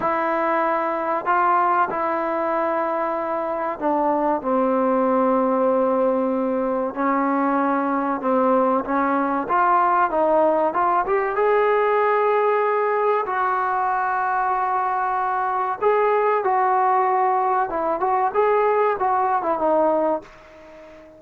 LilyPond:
\new Staff \with { instrumentName = "trombone" } { \time 4/4 \tempo 4 = 95 e'2 f'4 e'4~ | e'2 d'4 c'4~ | c'2. cis'4~ | cis'4 c'4 cis'4 f'4 |
dis'4 f'8 g'8 gis'2~ | gis'4 fis'2.~ | fis'4 gis'4 fis'2 | e'8 fis'8 gis'4 fis'8. e'16 dis'4 | }